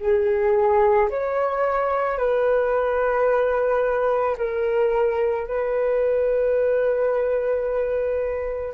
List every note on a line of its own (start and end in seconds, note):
0.00 1.09 G#4
1.10 2.18 C#5
2.18 4.36 B4
4.37 5.46 A#4
5.46 8.74 B4